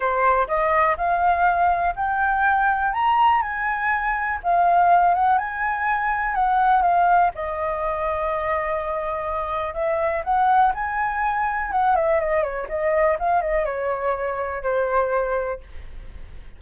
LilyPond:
\new Staff \with { instrumentName = "flute" } { \time 4/4 \tempo 4 = 123 c''4 dis''4 f''2 | g''2 ais''4 gis''4~ | gis''4 f''4. fis''8 gis''4~ | gis''4 fis''4 f''4 dis''4~ |
dis''1 | e''4 fis''4 gis''2 | fis''8 e''8 dis''8 cis''8 dis''4 f''8 dis''8 | cis''2 c''2 | }